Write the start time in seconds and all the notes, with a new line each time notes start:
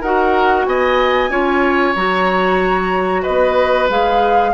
0.00 D#4 F#4 A#4 F#5
0.65 B3 D#5 G#5
1.29 C#4 F4 C#5
1.95 F#3 F#4 A#5
3.22 B3 B4 D#5
3.89 G#3 G#4 F5